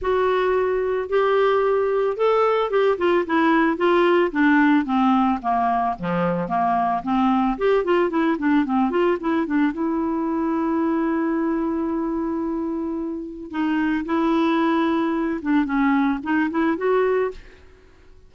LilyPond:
\new Staff \with { instrumentName = "clarinet" } { \time 4/4 \tempo 4 = 111 fis'2 g'2 | a'4 g'8 f'8 e'4 f'4 | d'4 c'4 ais4 f4 | ais4 c'4 g'8 f'8 e'8 d'8 |
c'8 f'8 e'8 d'8 e'2~ | e'1~ | e'4 dis'4 e'2~ | e'8 d'8 cis'4 dis'8 e'8 fis'4 | }